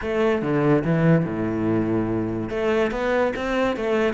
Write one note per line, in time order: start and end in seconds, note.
0.01 0.42 A3
0.42 0.83 D3
0.84 1.25 E3
1.25 2.49 A2
2.49 2.91 A3
2.91 3.32 B3
3.36 3.76 C4
3.76 4.13 A3